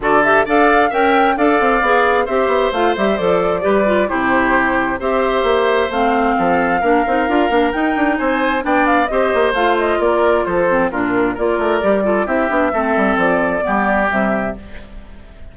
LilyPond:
<<
  \new Staff \with { instrumentName = "flute" } { \time 4/4 \tempo 4 = 132 d''8 e''8 f''4 g''4 f''4~ | f''4 e''4 f''8 e''8 d''4~ | d''4 c''2 e''4~ | e''4 f''2.~ |
f''4 g''4 gis''4 g''8 f''8 | dis''4 f''8 dis''8 d''4 c''4 | ais'4 d''2 e''4~ | e''4 d''2 e''4 | }
  \new Staff \with { instrumentName = "oboe" } { \time 4/4 a'4 d''4 e''4 d''4~ | d''4 c''2. | b'4 g'2 c''4~ | c''2 a'4 ais'4~ |
ais'2 c''4 d''4 | c''2 ais'4 a'4 | f'4 ais'4. a'8 g'4 | a'2 g'2 | }
  \new Staff \with { instrumentName = "clarinet" } { \time 4/4 fis'8 g'8 a'4 ais'4 a'4 | gis'4 g'4 f'8 g'8 a'4 | g'8 f'8 e'2 g'4~ | g'4 c'2 d'8 dis'8 |
f'8 d'8 dis'2 d'4 | g'4 f'2~ f'8 c'8 | d'4 f'4 g'8 f'8 e'8 d'8 | c'2 b4 g4 | }
  \new Staff \with { instrumentName = "bassoon" } { \time 4/4 d4 d'4 cis'4 d'8 c'8 | b4 c'8 b8 a8 g8 f4 | g4 c2 c'4 | ais4 a4 f4 ais8 c'8 |
d'8 ais8 dis'8 d'8 c'4 b4 | c'8 ais8 a4 ais4 f4 | ais,4 ais8 a8 g4 c'8 b8 | a8 g8 f4 g4 c4 | }
>>